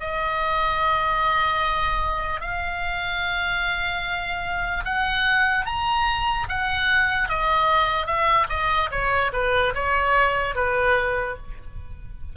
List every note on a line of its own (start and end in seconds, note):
0.00 2.41 D#5
2.41 4.84 F5
4.84 5.65 F#5
5.65 6.46 A#5
6.48 7.29 F#5
7.29 8.06 D#5
8.06 8.47 E5
8.49 8.90 D#5
8.91 9.32 C#5
9.33 9.73 B4
9.74 10.55 C#5
10.55 11.36 B4